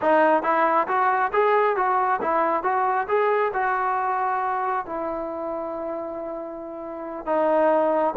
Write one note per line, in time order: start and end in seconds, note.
0.01 0.43 D#4
0.43 0.87 E4
0.87 1.31 F#4
1.32 1.76 G#4
1.76 2.20 F#4
2.21 2.63 E4
2.63 3.07 F#4
3.07 3.52 G#4
3.53 4.85 F#4
4.86 7.26 E4
7.26 8.14 D#4